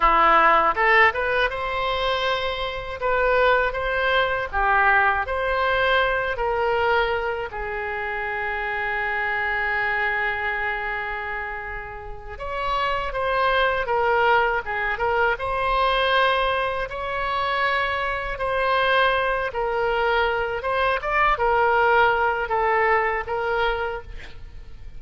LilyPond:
\new Staff \with { instrumentName = "oboe" } { \time 4/4 \tempo 4 = 80 e'4 a'8 b'8 c''2 | b'4 c''4 g'4 c''4~ | c''8 ais'4. gis'2~ | gis'1~ |
gis'8 cis''4 c''4 ais'4 gis'8 | ais'8 c''2 cis''4.~ | cis''8 c''4. ais'4. c''8 | d''8 ais'4. a'4 ais'4 | }